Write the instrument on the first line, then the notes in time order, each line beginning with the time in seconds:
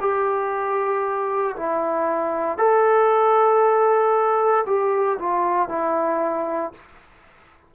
trombone
0.00 G4
1.56 E4
2.58 A4
4.66 G4
5.18 F4
5.68 E4